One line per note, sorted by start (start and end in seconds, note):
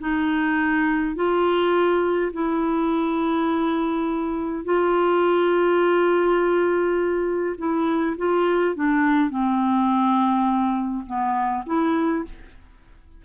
0.00 1.15 D#4
1.15 2.32 F4
2.33 4.65 E4
4.65 7.56 F4
7.58 8.16 E4
8.17 8.76 F4
8.76 9.30 D4
9.30 11.05 C4
11.06 11.64 B3
11.66 12.25 E4